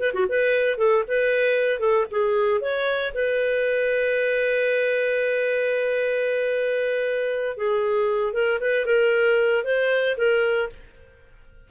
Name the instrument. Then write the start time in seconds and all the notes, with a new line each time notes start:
clarinet
0.00 B4
0.14 F#4
0.29 B4
0.78 A4
1.08 B4
1.80 A4
2.12 G#4
2.61 C#5
3.15 B4
7.58 G#4
8.34 A#4
8.61 B4
8.86 A#4
9.65 C5
10.18 A#4